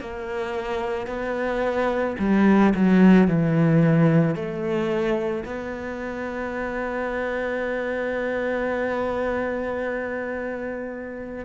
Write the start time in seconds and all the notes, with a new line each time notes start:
0.00 A#3
1.07 B3
2.19 G3
2.75 F#3
3.27 E3
4.35 A3
5.45 B3